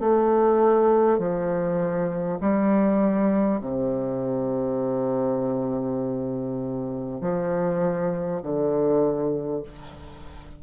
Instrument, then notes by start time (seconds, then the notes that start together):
bassoon
0.00 A3
1.19 F3
2.41 G3
3.62 C3
7.22 F3
8.43 D3